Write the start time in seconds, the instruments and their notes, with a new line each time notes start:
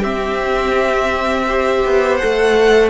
0.00 viola C4, cello C4, violin G4 E5
1.47 viola G4, violin C5
1.84 cello B3
2.16 viola A4, violin F#5
2.24 cello A3